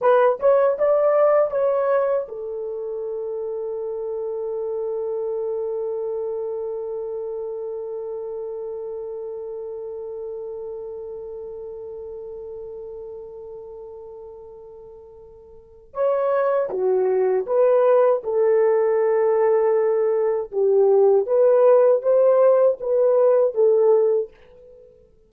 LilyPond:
\new Staff \with { instrumentName = "horn" } { \time 4/4 \tempo 4 = 79 b'8 cis''8 d''4 cis''4 a'4~ | a'1~ | a'1~ | a'1~ |
a'1~ | a'4 cis''4 fis'4 b'4 | a'2. g'4 | b'4 c''4 b'4 a'4 | }